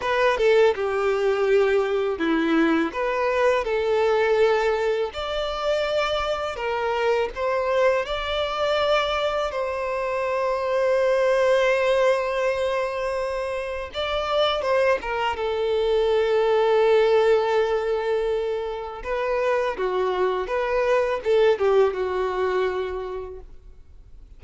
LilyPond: \new Staff \with { instrumentName = "violin" } { \time 4/4 \tempo 4 = 82 b'8 a'8 g'2 e'4 | b'4 a'2 d''4~ | d''4 ais'4 c''4 d''4~ | d''4 c''2.~ |
c''2. d''4 | c''8 ais'8 a'2.~ | a'2 b'4 fis'4 | b'4 a'8 g'8 fis'2 | }